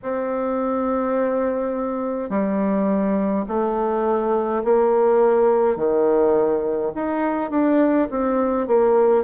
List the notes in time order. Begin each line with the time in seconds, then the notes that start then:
0.02 C4
2.29 G3
3.48 A3
4.64 A#3
5.76 D#3
6.94 D#4
7.50 D4
8.10 C4
8.67 A#3